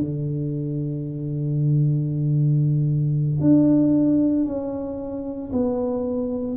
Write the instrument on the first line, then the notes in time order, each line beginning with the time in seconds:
tuba
0.00 D3
3.41 D4
4.46 C#4
5.52 B3